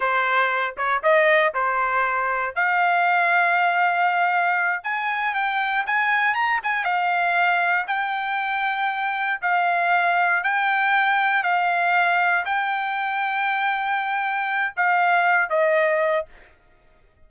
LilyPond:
\new Staff \with { instrumentName = "trumpet" } { \time 4/4 \tempo 4 = 118 c''4. cis''8 dis''4 c''4~ | c''4 f''2.~ | f''4. gis''4 g''4 gis''8~ | gis''8 ais''8 gis''8 f''2 g''8~ |
g''2~ g''8 f''4.~ | f''8 g''2 f''4.~ | f''8 g''2.~ g''8~ | g''4 f''4. dis''4. | }